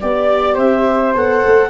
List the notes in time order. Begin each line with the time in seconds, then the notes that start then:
0.00 B3 G4 D5
0.55 C4 C5 E5
1.15 B3 A4 F#5
1.46 A3